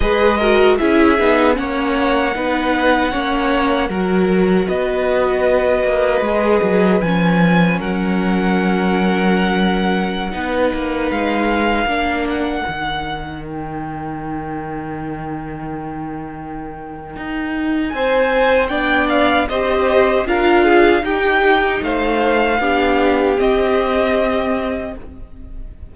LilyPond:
<<
  \new Staff \with { instrumentName = "violin" } { \time 4/4 \tempo 4 = 77 dis''4 e''4 fis''2~ | fis''2 dis''2~ | dis''4 gis''4 fis''2~ | fis''2~ fis''16 f''4. fis''16~ |
fis''4~ fis''16 g''2~ g''8.~ | g''2. gis''4 | g''8 f''8 dis''4 f''4 g''4 | f''2 dis''2 | }
  \new Staff \with { instrumentName = "violin" } { \time 4/4 b'8 ais'8 gis'4 cis''4 b'4 | cis''4 ais'4 b'2~ | b'2 ais'2~ | ais'4~ ais'16 b'2 ais'8.~ |
ais'1~ | ais'2. c''4 | d''4 c''4 ais'8 gis'8 g'4 | c''4 g'2. | }
  \new Staff \with { instrumentName = "viola" } { \time 4/4 gis'8 fis'8 e'8 dis'8 cis'4 dis'4 | cis'4 fis'2. | gis'4 cis'2.~ | cis'4~ cis'16 dis'2 d'8.~ |
d'16 dis'2.~ dis'8.~ | dis'1 | d'4 g'4 f'4 dis'4~ | dis'4 d'4 c'2 | }
  \new Staff \with { instrumentName = "cello" } { \time 4/4 gis4 cis'8 b8 ais4 b4 | ais4 fis4 b4. ais8 | gis8 fis8 f4 fis2~ | fis4~ fis16 b8 ais8 gis4 ais8.~ |
ais16 dis2.~ dis8.~ | dis2 dis'4 c'4 | b4 c'4 d'4 dis'4 | a4 b4 c'2 | }
>>